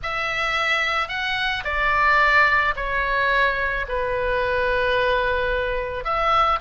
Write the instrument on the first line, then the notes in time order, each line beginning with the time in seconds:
oboe
0.03 E5
1.08 F#5
1.64 D5
2.76 C#5
3.88 B4
6.04 E5